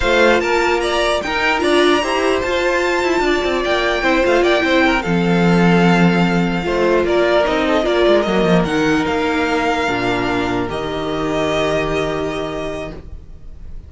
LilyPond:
<<
  \new Staff \with { instrumentName = "violin" } { \time 4/4 \tempo 4 = 149 f''4 a''4 ais''4 g''4 | ais''2 a''2~ | a''4 g''4. f''8 g''4~ | g''8 f''2.~ f''8~ |
f''4. d''4 dis''4 d''8~ | d''8 dis''4 fis''4 f''4.~ | f''2~ f''8 dis''4.~ | dis''1 | }
  \new Staff \with { instrumentName = "violin" } { \time 4/4 c''4 ais'4 d''4 ais'4 | d''4 c''2. | d''2 c''4 d''8 c''8 | ais'8 a'2.~ a'8~ |
a'8 c''4 ais'4. a'8 ais'8~ | ais'1~ | ais'1~ | ais'1 | }
  \new Staff \with { instrumentName = "viola" } { \time 4/4 f'2. dis'4 | f'4 g'4 f'2~ | f'2 e'8 f'4 e'8~ | e'8 c'2.~ c'8~ |
c'8 f'2 dis'4 f'8~ | f'8 ais4 dis'2~ dis'8~ | dis'8 d'2 g'4.~ | g'1 | }
  \new Staff \with { instrumentName = "cello" } { \time 4/4 a4 ais2 dis'4 | d'4 e'4 f'4. e'8 | d'8 c'8 ais4 c'8 a8 ais8 c'8~ | c'8 f2.~ f8~ |
f8 a4 ais4 c'4 ais8 | gis8 fis8 f8 dis4 ais4.~ | ais8 ais,2 dis4.~ | dis1 | }
>>